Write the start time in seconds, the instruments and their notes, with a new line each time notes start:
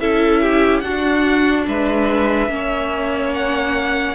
0.00 cello C#4, viola E4, violin A4 E5
0.42 violin G4
0.80 cello D4, viola D4, violin F#4 F#5
1.68 cello G#3, violin B4 E5
2.49 cello A#3, viola C#4, violin C#5
3.34 violin F#5